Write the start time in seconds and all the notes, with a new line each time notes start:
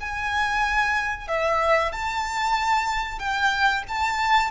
0.00 G#5
1.28 E5
1.92 A5
3.19 G5
3.89 A5